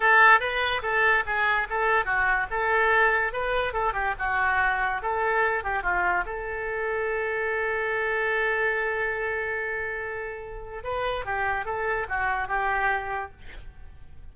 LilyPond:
\new Staff \with { instrumentName = "oboe" } { \time 4/4 \tempo 4 = 144 a'4 b'4 a'4 gis'4 | a'4 fis'4 a'2 | b'4 a'8 g'8 fis'2 | a'4. g'8 f'4 a'4~ |
a'1~ | a'1~ | a'2 b'4 g'4 | a'4 fis'4 g'2 | }